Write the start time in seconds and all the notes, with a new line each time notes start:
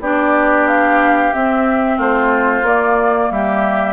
0.00 B3 D4 G4 D5
0.68 F5
1.33 C4 E5
1.97 A3 F4 C5
2.63 A#3 D5
3.31 G3 G4 E5